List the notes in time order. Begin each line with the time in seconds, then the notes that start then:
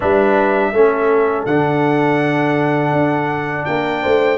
0.00 G3 D4 B4 E5
0.72 A3 C#4 A4
1.45 D3 D4 F#5
2.92 D4
3.65 A#3 A#4 G5
4.02 A3 C5